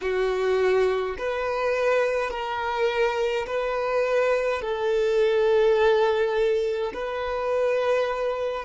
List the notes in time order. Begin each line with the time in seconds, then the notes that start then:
0.01 F#4
1.17 B4
2.30 A#4
3.46 B4
4.61 A4
6.93 B4